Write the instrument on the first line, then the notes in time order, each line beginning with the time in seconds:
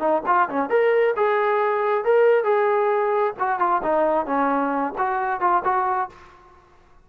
trombone
0.00 D#4
0.27 F4
0.49 C#4
0.70 A#4
1.17 G#4
2.05 A#4
2.44 G#4
3.39 F#4
3.60 F4
3.83 D#4
4.26 C#4
4.98 F#4
5.41 F4
5.65 F#4